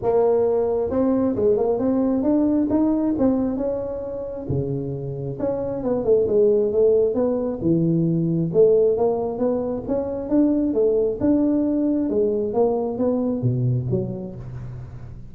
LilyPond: \new Staff \with { instrumentName = "tuba" } { \time 4/4 \tempo 4 = 134 ais2 c'4 gis8 ais8 | c'4 d'4 dis'4 c'4 | cis'2 cis2 | cis'4 b8 a8 gis4 a4 |
b4 e2 a4 | ais4 b4 cis'4 d'4 | a4 d'2 gis4 | ais4 b4 b,4 fis4 | }